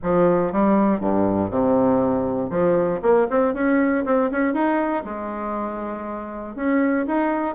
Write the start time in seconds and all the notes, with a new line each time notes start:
0.02 F3
0.52 G3
1.00 G2
1.50 C3
2.50 F3
3.02 A#3
3.29 C4
3.54 C#4
4.05 C4
4.31 C#4
4.53 D#4
5.04 G#3
6.55 C#4
7.07 D#4